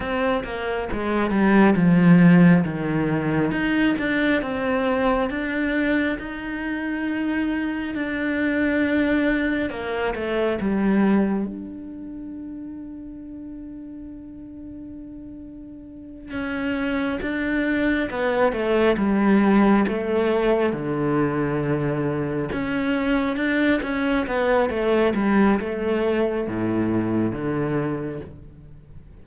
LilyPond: \new Staff \with { instrumentName = "cello" } { \time 4/4 \tempo 4 = 68 c'8 ais8 gis8 g8 f4 dis4 | dis'8 d'8 c'4 d'4 dis'4~ | dis'4 d'2 ais8 a8 | g4 d'2.~ |
d'2~ d'8 cis'4 d'8~ | d'8 b8 a8 g4 a4 d8~ | d4. cis'4 d'8 cis'8 b8 | a8 g8 a4 a,4 d4 | }